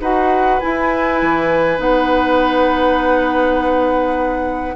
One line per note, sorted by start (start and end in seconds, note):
0.00 0.59 D#4
0.00 0.61 F#4
0.00 4.76 B4
0.00 0.60 F#5
0.60 1.76 E4
0.60 1.22 E4
0.60 1.79 G#5
1.22 1.79 E3
1.76 4.76 B3
1.76 4.73 D#4
1.76 4.76 F#5